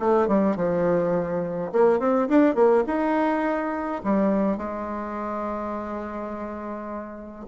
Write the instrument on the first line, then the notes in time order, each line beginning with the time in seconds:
bassoon
0.00 A3
0.28 G3
0.57 F3
1.72 A#3
2.00 C4
2.29 D4
2.55 A#3
2.87 D#4
4.04 G3
4.58 G#3